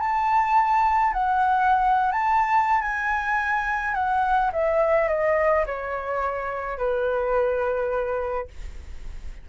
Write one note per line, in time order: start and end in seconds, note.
0.00 1.13 A5
1.13 2.12 F#5
2.12 2.82 A5
2.82 3.95 G#5
3.95 4.51 F#5
4.53 5.09 E5
5.09 5.65 D#5
5.66 6.78 C#5
6.78 8.48 B4